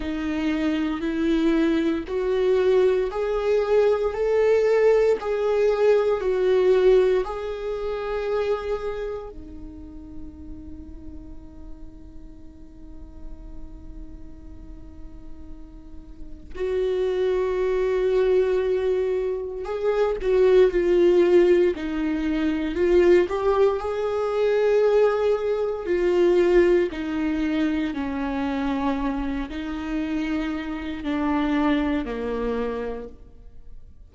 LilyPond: \new Staff \with { instrumentName = "viola" } { \time 4/4 \tempo 4 = 58 dis'4 e'4 fis'4 gis'4 | a'4 gis'4 fis'4 gis'4~ | gis'4 dis'2.~ | dis'1 |
fis'2. gis'8 fis'8 | f'4 dis'4 f'8 g'8 gis'4~ | gis'4 f'4 dis'4 cis'4~ | cis'8 dis'4. d'4 ais4 | }